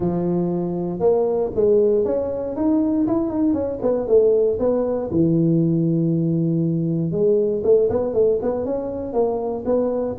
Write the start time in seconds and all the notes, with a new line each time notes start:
0.00 F3
0.99 A#3
1.54 G#3
2.05 C#4
2.56 D#4
3.07 E4
3.30 D#4
3.53 C#4
3.81 B3
4.07 A3
4.59 B3
5.11 E3
7.11 G#3
7.63 A3
7.89 B3
8.13 A3
8.42 B3
8.65 C#4
9.13 A#3
9.65 B3